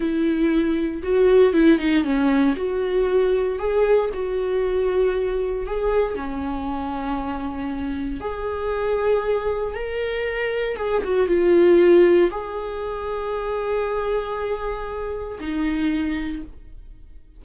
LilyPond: \new Staff \with { instrumentName = "viola" } { \time 4/4 \tempo 4 = 117 e'2 fis'4 e'8 dis'8 | cis'4 fis'2 gis'4 | fis'2. gis'4 | cis'1 |
gis'2. ais'4~ | ais'4 gis'8 fis'8 f'2 | gis'1~ | gis'2 dis'2 | }